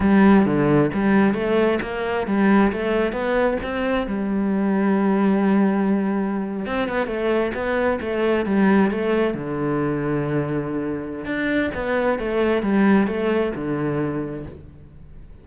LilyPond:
\new Staff \with { instrumentName = "cello" } { \time 4/4 \tempo 4 = 133 g4 d4 g4 a4 | ais4 g4 a4 b4 | c'4 g2.~ | g2~ g8. c'8 b8 a16~ |
a8. b4 a4 g4 a16~ | a8. d2.~ d16~ | d4 d'4 b4 a4 | g4 a4 d2 | }